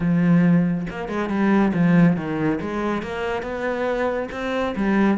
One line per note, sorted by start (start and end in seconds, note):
0.00 0.86 F3
0.89 1.08 A#3
1.08 1.29 G#3
1.29 1.72 G3
1.73 2.16 F3
2.16 2.59 D#3
2.60 3.02 G#3
3.02 3.42 A#3
3.42 4.28 B3
4.31 4.75 C4
4.76 5.17 G3